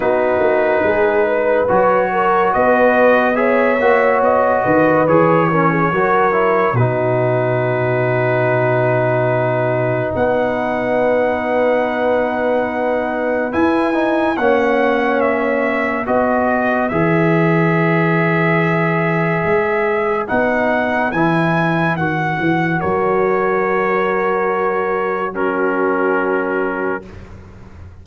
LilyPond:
<<
  \new Staff \with { instrumentName = "trumpet" } { \time 4/4 \tempo 4 = 71 b'2 cis''4 dis''4 | e''4 dis''4 cis''2 | b'1 | fis''1 |
gis''4 fis''4 e''4 dis''4 | e''1 | fis''4 gis''4 fis''4 cis''4~ | cis''2 ais'2 | }
  \new Staff \with { instrumentName = "horn" } { \time 4/4 fis'4 gis'8 b'4 ais'8 b'4 | cis''4. b'4 ais'16 gis'16 ais'4 | fis'1 | b'1~ |
b'4 cis''2 b'4~ | b'1~ | b'2. ais'4~ | ais'2 fis'2 | }
  \new Staff \with { instrumentName = "trombone" } { \time 4/4 dis'2 fis'2 | gis'8 fis'4. gis'8 cis'8 fis'8 e'8 | dis'1~ | dis'1 |
e'8 dis'8 cis'2 fis'4 | gis'1 | dis'4 e'4 fis'2~ | fis'2 cis'2 | }
  \new Staff \with { instrumentName = "tuba" } { \time 4/4 b8 ais8 gis4 fis4 b4~ | b8 ais8 b8 dis8 e4 fis4 | b,1 | b1 |
e'4 ais2 b4 | e2. gis4 | b4 e4 dis8 e8 fis4~ | fis1 | }
>>